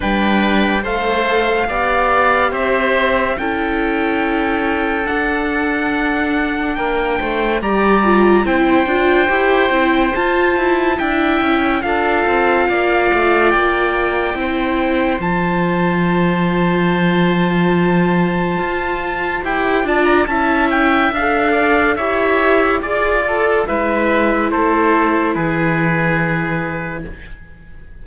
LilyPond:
<<
  \new Staff \with { instrumentName = "trumpet" } { \time 4/4 \tempo 4 = 71 g''4 f''2 e''4 | g''2 fis''2 | g''4 ais''4 g''2 | a''4 g''4 f''2 |
g''2 a''2~ | a''2. g''8 a''16 ais''16 | a''8 g''8 f''4 e''4 d''4 | e''4 c''4 b'2 | }
  \new Staff \with { instrumentName = "oboe" } { \time 4/4 b'4 c''4 d''4 c''4 | a'1 | ais'8 c''8 d''4 c''2~ | c''4 e''4 a'4 d''4~ |
d''4 c''2.~ | c''2.~ c''8 d''8 | e''4. d''8 cis''4 d''8 a'8 | b'4 a'4 gis'2 | }
  \new Staff \with { instrumentName = "viola" } { \time 4/4 d'4 a'4 g'2 | e'2 d'2~ | d'4 g'8 f'8 e'8 f'8 g'8 e'8 | f'4 e'4 f'2~ |
f'4 e'4 f'2~ | f'2. g'8 f'8 | e'4 a'4 g'4 gis'8 a'8 | e'1 | }
  \new Staff \with { instrumentName = "cello" } { \time 4/4 g4 a4 b4 c'4 | cis'2 d'2 | ais8 a8 g4 c'8 d'8 e'8 c'8 | f'8 e'8 d'8 cis'8 d'8 c'8 ais8 a8 |
ais4 c'4 f2~ | f2 f'4 e'8 d'8 | cis'4 d'4 e'4 f'4 | gis4 a4 e2 | }
>>